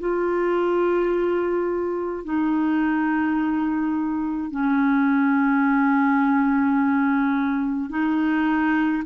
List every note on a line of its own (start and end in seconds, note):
0.00 2.24 F4
2.24 4.51 D#4
4.51 7.90 C#4
7.90 9.03 D#4